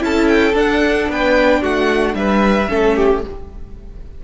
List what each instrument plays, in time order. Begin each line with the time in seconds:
0.00 cello C#4, viola E4, violin A4 A5
0.28 violin G5
0.54 viola D4, cello D4, violin F#5
1.10 cello B3, violin B4 G5
1.62 cello A3, violin F#4 F#5
2.15 cello G3, violin B4 E5
2.69 cello A3, viola C#4, violin A4
2.97 violin G4